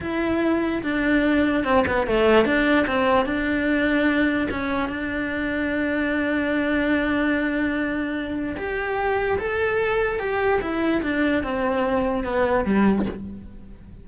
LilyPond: \new Staff \with { instrumentName = "cello" } { \time 4/4 \tempo 4 = 147 e'2 d'2 | c'8 b8 a4 d'4 c'4 | d'2. cis'4 | d'1~ |
d'1~ | d'4 g'2 a'4~ | a'4 g'4 e'4 d'4 | c'2 b4 g4 | }